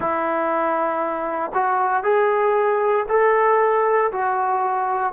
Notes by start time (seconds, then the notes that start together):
0.00 E4
1.54 F#4
2.03 G#4
3.08 A4
4.12 F#4